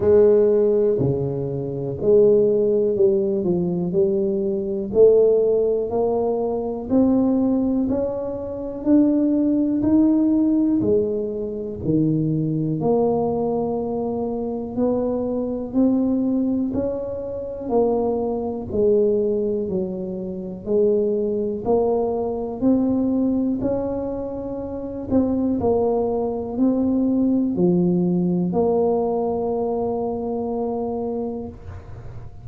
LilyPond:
\new Staff \with { instrumentName = "tuba" } { \time 4/4 \tempo 4 = 61 gis4 cis4 gis4 g8 f8 | g4 a4 ais4 c'4 | cis'4 d'4 dis'4 gis4 | dis4 ais2 b4 |
c'4 cis'4 ais4 gis4 | fis4 gis4 ais4 c'4 | cis'4. c'8 ais4 c'4 | f4 ais2. | }